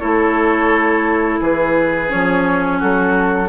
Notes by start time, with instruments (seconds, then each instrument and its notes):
0.00 bassoon A3, clarinet E4, oboe A4, flute C#5
1.41 bassoon E3, oboe G#4, flute B4
2.09 bassoon F3, clarinet C#4, flute C#5
2.79 bassoon F#3, oboe F#4, flute A4